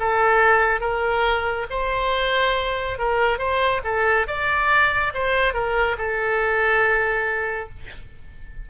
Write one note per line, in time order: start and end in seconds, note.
0.00 0.81 A4
0.81 1.66 A#4
1.70 2.98 C5
2.98 3.39 A#4
3.39 3.82 C5
3.84 4.27 A4
4.27 5.13 D5
5.14 5.54 C5
5.54 5.97 A#4
5.98 7.69 A4